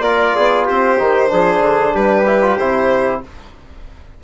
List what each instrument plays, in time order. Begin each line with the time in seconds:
0.00 bassoon A#3, trombone F4, trumpet A#4, violin D5
0.36 bassoon B3, trumpet G#4
0.66 bassoon C4, trumpet G4, violin C5
0.99 bassoon D#3, trombone D#4
1.29 bassoon F3, trombone D4, trumpet G#4
1.60 bassoon D3
1.94 bassoon G3, trumpet G4, violin B4
2.26 trombone E4
2.42 trombone F4
2.58 bassoon C3, trombone E4, violin C5